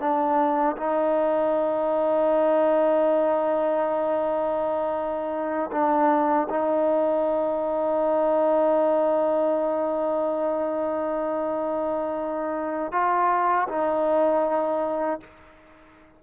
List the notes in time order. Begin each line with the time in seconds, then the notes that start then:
0.00 D4
0.77 D#4
5.72 D4
6.49 D#4
12.92 F4
13.69 D#4